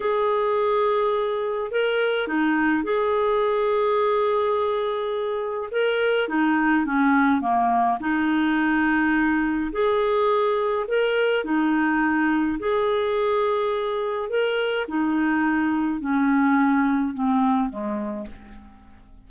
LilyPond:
\new Staff \with { instrumentName = "clarinet" } { \time 4/4 \tempo 4 = 105 gis'2. ais'4 | dis'4 gis'2.~ | gis'2 ais'4 dis'4 | cis'4 ais4 dis'2~ |
dis'4 gis'2 ais'4 | dis'2 gis'2~ | gis'4 ais'4 dis'2 | cis'2 c'4 gis4 | }